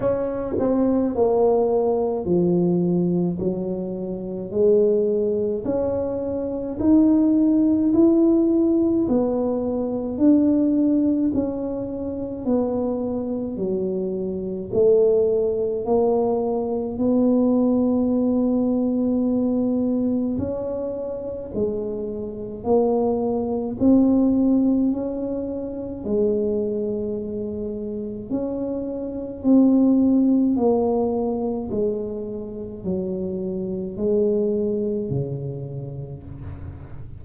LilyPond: \new Staff \with { instrumentName = "tuba" } { \time 4/4 \tempo 4 = 53 cis'8 c'8 ais4 f4 fis4 | gis4 cis'4 dis'4 e'4 | b4 d'4 cis'4 b4 | fis4 a4 ais4 b4~ |
b2 cis'4 gis4 | ais4 c'4 cis'4 gis4~ | gis4 cis'4 c'4 ais4 | gis4 fis4 gis4 cis4 | }